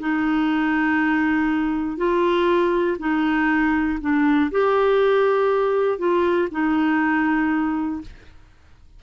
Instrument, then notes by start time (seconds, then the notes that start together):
clarinet
0.00 D#4
1.97 F4
2.99 D#4
4.01 D4
4.51 G4
5.98 F4
6.51 D#4